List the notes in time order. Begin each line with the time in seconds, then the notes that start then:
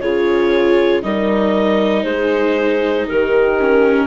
0.00 C#3 F4 G#4 C#5
1.03 G3 D#4 A#4 D#5
2.04 G#3 G#4 C5
3.08 D#3 G4 A#4
3.60 C#4